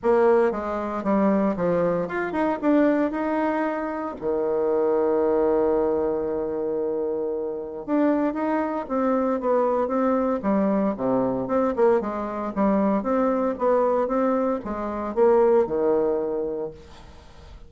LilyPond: \new Staff \with { instrumentName = "bassoon" } { \time 4/4 \tempo 4 = 115 ais4 gis4 g4 f4 | f'8 dis'8 d'4 dis'2 | dis1~ | dis2. d'4 |
dis'4 c'4 b4 c'4 | g4 c4 c'8 ais8 gis4 | g4 c'4 b4 c'4 | gis4 ais4 dis2 | }